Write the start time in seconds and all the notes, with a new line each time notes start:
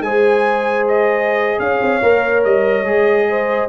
0.00 G#3 G#4 C5 G#5
0.87 D#5
1.59 C#4 C#5 F5
1.81 C4
2.02 A#3 A#4
2.44 G3 D#5
2.82 G#3 G#4
3.28 C5